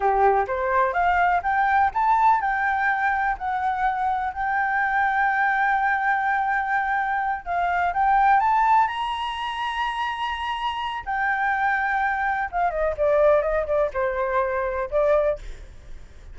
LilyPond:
\new Staff \with { instrumentName = "flute" } { \time 4/4 \tempo 4 = 125 g'4 c''4 f''4 g''4 | a''4 g''2 fis''4~ | fis''4 g''2.~ | g''2.~ g''8 f''8~ |
f''8 g''4 a''4 ais''4.~ | ais''2. g''4~ | g''2 f''8 dis''8 d''4 | dis''8 d''8 c''2 d''4 | }